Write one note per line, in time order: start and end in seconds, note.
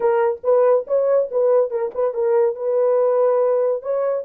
0.00 0.40 A#4
0.43 0.86 B4
0.87 1.29 C#5
1.31 1.70 B4
1.70 1.91 A#4
1.94 2.14 B4
2.14 2.55 A#4
2.55 3.82 B4
3.82 4.25 C#5